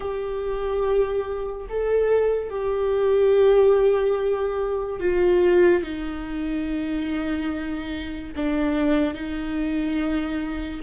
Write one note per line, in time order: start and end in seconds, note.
0.00 1.67 G4
1.69 2.50 A4
2.50 5.00 G4
5.00 5.83 F4
5.83 8.33 D#4
8.36 9.14 D4
9.14 10.80 D#4